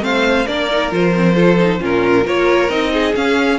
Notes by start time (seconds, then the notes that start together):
0.00 A3 C4 C5 F5
0.46 A#3 D4 A#4 D5
0.71 D#4
0.91 F3 F4 C5
1.15 C4
1.34 F4 A4
1.59 D#4
1.79 A#2 C#4 F4 A#4
2.24 A#3 F4 A#4 C#5
2.69 C4 D#4 D#5
2.93 G#4
3.14 C#4 F5